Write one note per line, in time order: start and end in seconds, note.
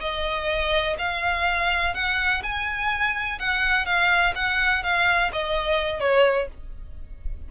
0.00 0.96 D#5
0.98 1.94 F5
1.94 2.42 F#5
2.43 3.39 G#5
3.39 3.85 F#5
3.85 4.33 F5
4.35 4.83 F#5
4.83 5.31 F5
5.32 6.00 D#5
6.00 6.48 C#5